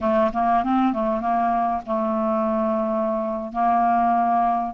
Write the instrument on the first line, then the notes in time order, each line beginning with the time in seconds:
clarinet
0.00 A3
0.33 A#3
0.63 C4
0.93 A3
1.20 A#3
1.85 A3
3.52 A#3